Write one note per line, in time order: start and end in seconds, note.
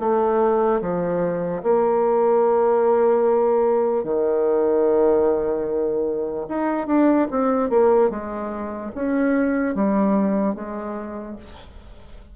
0.00 0.81 A3
0.81 1.63 F3
1.63 4.04 A#3
4.04 6.47 D#3
6.49 6.87 D#4
6.87 7.28 D4
7.31 7.70 C4
7.70 8.10 A#3
8.10 8.91 G#3
8.95 9.75 C#4
9.75 10.55 G3
10.55 11.36 G#3